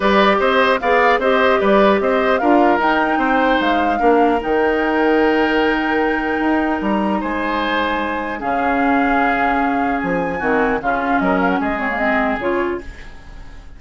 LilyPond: <<
  \new Staff \with { instrumentName = "flute" } { \time 4/4 \tempo 4 = 150 d''4 dis''4 f''4 dis''4 | d''4 dis''4 f''4 g''4~ | g''4 f''2 g''4~ | g''1~ |
g''4 ais''4 gis''2~ | gis''4 f''2.~ | f''4 gis''2 f''4 | dis''8 f''16 fis''16 dis''8 cis''8 dis''4 cis''4 | }
  \new Staff \with { instrumentName = "oboe" } { \time 4/4 b'4 c''4 d''4 c''4 | b'4 c''4 ais'2 | c''2 ais'2~ | ais'1~ |
ais'2 c''2~ | c''4 gis'2.~ | gis'2 fis'4 f'4 | ais'4 gis'2. | }
  \new Staff \with { instrumentName = "clarinet" } { \time 4/4 g'2 gis'4 g'4~ | g'2 f'4 dis'4~ | dis'2 d'4 dis'4~ | dis'1~ |
dis'1~ | dis'4 cis'2.~ | cis'2 c'4 cis'4~ | cis'4. c'16 ais16 c'4 f'4 | }
  \new Staff \with { instrumentName = "bassoon" } { \time 4/4 g4 c'4 b4 c'4 | g4 c'4 d'4 dis'4 | c'4 gis4 ais4 dis4~ | dis1 |
dis'4 g4 gis2~ | gis4 cis2.~ | cis4 f4 dis4 cis4 | fis4 gis2 cis4 | }
>>